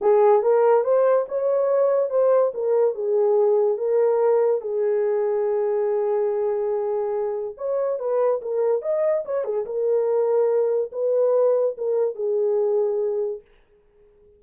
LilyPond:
\new Staff \with { instrumentName = "horn" } { \time 4/4 \tempo 4 = 143 gis'4 ais'4 c''4 cis''4~ | cis''4 c''4 ais'4 gis'4~ | gis'4 ais'2 gis'4~ | gis'1~ |
gis'2 cis''4 b'4 | ais'4 dis''4 cis''8 gis'8 ais'4~ | ais'2 b'2 | ais'4 gis'2. | }